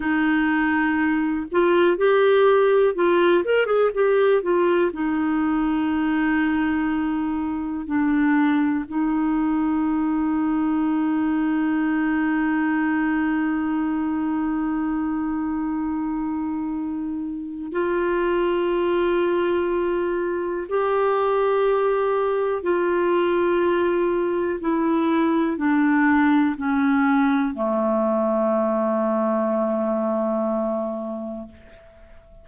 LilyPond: \new Staff \with { instrumentName = "clarinet" } { \time 4/4 \tempo 4 = 61 dis'4. f'8 g'4 f'8 ais'16 gis'16 | g'8 f'8 dis'2. | d'4 dis'2.~ | dis'1~ |
dis'2 f'2~ | f'4 g'2 f'4~ | f'4 e'4 d'4 cis'4 | a1 | }